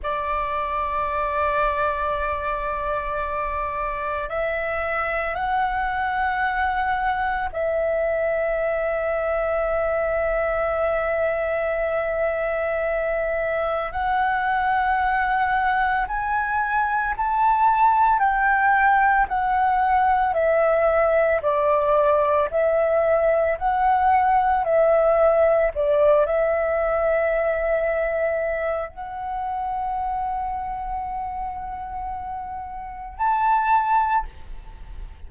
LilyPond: \new Staff \with { instrumentName = "flute" } { \time 4/4 \tempo 4 = 56 d''1 | e''4 fis''2 e''4~ | e''1~ | e''4 fis''2 gis''4 |
a''4 g''4 fis''4 e''4 | d''4 e''4 fis''4 e''4 | d''8 e''2~ e''8 fis''4~ | fis''2. a''4 | }